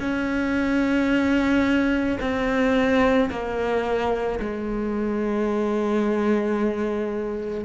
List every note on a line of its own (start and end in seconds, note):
0.00 2.18 C#4
2.21 3.30 C4
3.30 4.39 A#3
4.40 7.65 G#3